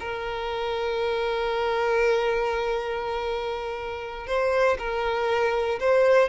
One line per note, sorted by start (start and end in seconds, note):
0.00 4.27 A#4
4.27 4.77 C5
4.79 5.79 A#4
5.80 6.29 C5